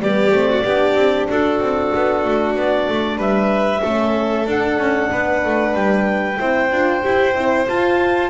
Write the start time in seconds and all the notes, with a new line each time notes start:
0.00 G3 B3 G4 D5
0.32 A3 C4
0.50 F#4
0.64 B3 D4 G4
0.95 C4
1.29 D4 F#4 A4
1.60 C4
1.95 B3
2.25 A3
2.55 B3 D5
2.88 A3
3.17 G3 B4 E5
3.83 A3 C#4 A4
4.46 D4 F#5
4.78 C#4
5.12 B3 B4
5.45 A3
5.74 G3 G5
6.38 C4 E4 C5
6.71 D4 F4
7.02 E4 G4
7.35 C4 E4
7.67 F4 A5